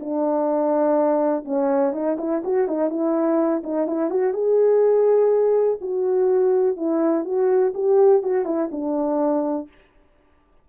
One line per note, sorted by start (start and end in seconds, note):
0.00 1.45 D4
1.45 1.93 C#4
1.93 2.17 D#4
2.18 2.42 E4
2.44 2.68 F#4
2.68 2.90 D#4
2.90 3.62 E4
3.63 3.87 D#4
3.87 4.10 E4
4.10 4.33 F#4
4.33 5.78 G#4
5.81 6.76 F#4
6.76 7.24 E4
7.24 7.73 F#4
7.74 8.23 G4
8.23 8.45 F#4
8.45 8.69 E4
8.71 9.68 D4